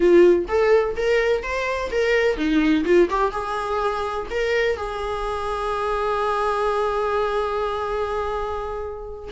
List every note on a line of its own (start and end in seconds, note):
0.00 0.45 F4
0.48 0.95 A4
0.96 1.43 A#4
1.43 1.90 C5
1.91 2.36 A#4
2.36 2.84 D#4
2.84 3.08 F4
3.10 3.31 G4
3.31 4.27 G#4
4.30 4.76 A#4
4.76 9.29 G#4